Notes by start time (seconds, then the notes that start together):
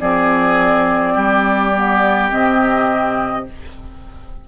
0.00 F3 C4 G#4 D5
1.14 G3 G4
1.75 B3
2.30 C3 C4 D#5